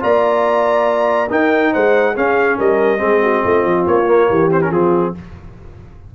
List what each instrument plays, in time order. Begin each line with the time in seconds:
0.00 tuba A#3, trombone F4, horn D5, trumpet A#5
1.30 trombone D#4, tuba D#4, horn A#4, trumpet G5
1.72 tuba G#3, horn C5, trumpet F#5
2.16 trombone C#4, tuba C#4, horn G#4, trumpet F5
2.58 tuba G3, horn A#4, trumpet D#5
2.98 tuba G#3, trombone C4, horn G#4
3.22 horn F#4
3.45 tuba A3, horn F4
3.65 tuba F3
3.86 tuba A#3, trumpet C#5
4.07 trombone A#3
4.29 tuba E3, horn G4
4.51 trombone C4, trumpet C5
4.62 trombone C#4, trumpet A#4
4.70 tuba F3, trombone C4, horn F4, trumpet G#4